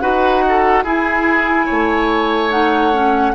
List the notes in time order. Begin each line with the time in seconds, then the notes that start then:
0.00 D#4 F#4 B4 F#5
0.49 A4
0.84 E4 G#4 G#5
1.66 A3 C#5
2.51 D#4 F#5
2.93 C#4